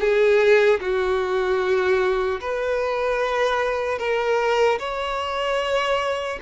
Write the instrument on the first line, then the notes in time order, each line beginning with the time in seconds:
violin
0.00 G#4
0.80 F#4
2.41 B4
3.99 A#4
4.79 C#5